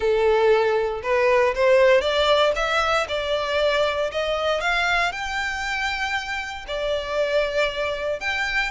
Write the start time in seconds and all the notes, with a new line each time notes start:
0.00 A4
1.03 B4
1.54 C5
2.01 D5
2.55 E5
3.08 D5
4.11 D#5
4.60 F5
5.11 G5
6.67 D5
8.20 G5